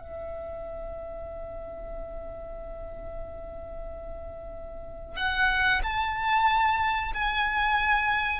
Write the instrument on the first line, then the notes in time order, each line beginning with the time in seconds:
violin
0.00 E5
5.16 F#5
5.83 A5
7.14 G#5